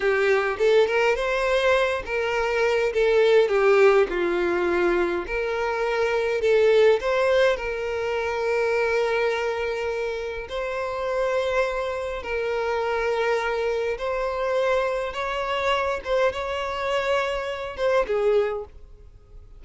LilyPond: \new Staff \with { instrumentName = "violin" } { \time 4/4 \tempo 4 = 103 g'4 a'8 ais'8 c''4. ais'8~ | ais'4 a'4 g'4 f'4~ | f'4 ais'2 a'4 | c''4 ais'2.~ |
ais'2 c''2~ | c''4 ais'2. | c''2 cis''4. c''8 | cis''2~ cis''8 c''8 gis'4 | }